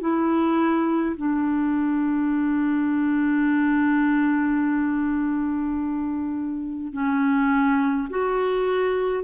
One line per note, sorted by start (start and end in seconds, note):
0.00 1.15 E4
1.16 6.93 D4
6.93 8.08 C#4
8.09 9.24 F#4